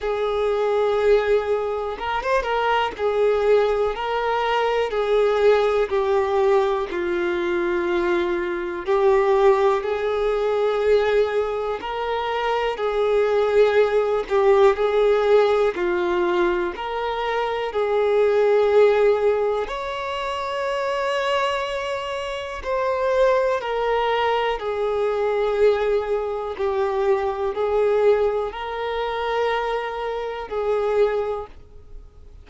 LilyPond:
\new Staff \with { instrumentName = "violin" } { \time 4/4 \tempo 4 = 61 gis'2 ais'16 c''16 ais'8 gis'4 | ais'4 gis'4 g'4 f'4~ | f'4 g'4 gis'2 | ais'4 gis'4. g'8 gis'4 |
f'4 ais'4 gis'2 | cis''2. c''4 | ais'4 gis'2 g'4 | gis'4 ais'2 gis'4 | }